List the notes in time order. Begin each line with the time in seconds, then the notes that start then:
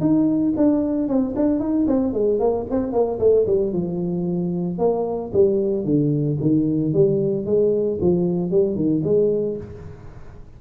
0.00 D#4
0.56 D4
1.08 C4
1.36 D4
1.59 D#4
1.87 C4
2.13 G#3
2.39 A#3
2.70 C4
2.92 A#3
3.19 A3
3.46 G3
3.72 F3
4.78 A#3
5.33 G3
5.84 D3
6.41 D#3
6.93 G3
7.45 G#3
8.01 F3
8.50 G3
8.75 D#3
9.04 G#3